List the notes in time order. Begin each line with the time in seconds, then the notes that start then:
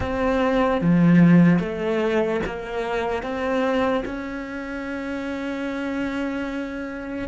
0.00 C4
0.81 F3
1.59 A3
2.45 A#3
3.22 C4
4.05 C#4